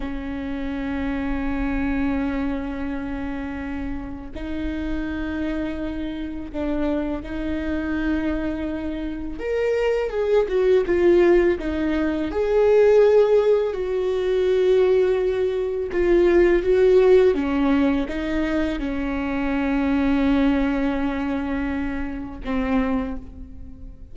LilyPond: \new Staff \with { instrumentName = "viola" } { \time 4/4 \tempo 4 = 83 cis'1~ | cis'2 dis'2~ | dis'4 d'4 dis'2~ | dis'4 ais'4 gis'8 fis'8 f'4 |
dis'4 gis'2 fis'4~ | fis'2 f'4 fis'4 | cis'4 dis'4 cis'2~ | cis'2. c'4 | }